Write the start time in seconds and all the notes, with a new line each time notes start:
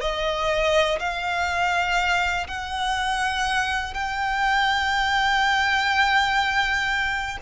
0.00 D#5
0.99 F5
2.47 F#5
3.93 G5